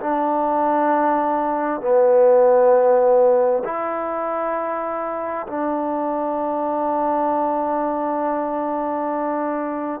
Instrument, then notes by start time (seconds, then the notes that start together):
trombone
0.00 D4
1.81 B3
3.64 E4
5.47 D4